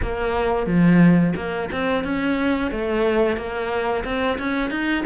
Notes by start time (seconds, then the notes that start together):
0.02 A#3
0.66 F3
1.35 A#3
1.71 C4
2.04 C#4
2.71 A3
3.36 A#3
4.04 C4
4.38 C#4
4.70 D#4